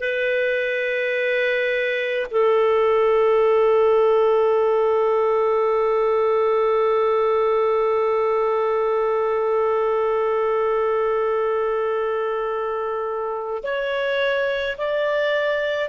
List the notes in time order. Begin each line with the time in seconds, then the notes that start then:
0.00 B4
2.31 A4
13.63 C#5
14.78 D5